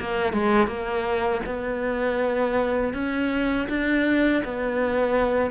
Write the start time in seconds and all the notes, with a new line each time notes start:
0.00 A#3
0.33 G#3
0.67 A#3
1.46 B3
2.94 C#4
3.69 D4
4.44 B3